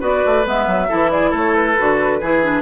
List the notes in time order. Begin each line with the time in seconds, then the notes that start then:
0.00 B3 F#4 B4 D5
0.25 A3
0.44 G#3 B3 E5
0.66 F#3
0.88 E3 E4 A4
1.10 G#4 D5
1.30 A3 A4
1.37 C#5
1.55 B4
1.77 D3 F#4
2.20 E3 E4 G#4
2.43 D4